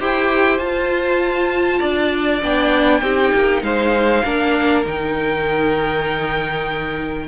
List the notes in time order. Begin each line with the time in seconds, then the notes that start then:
0.00 E4 G4 C5 G5
0.58 F4 A5
1.80 D4 D5
2.41 B3 D4 G5
3.02 C4 D#4 G4
3.34 A#3
3.62 G#3 C5 F5
4.24 A#3 D4 A#4
4.85 D#3 D#4 G5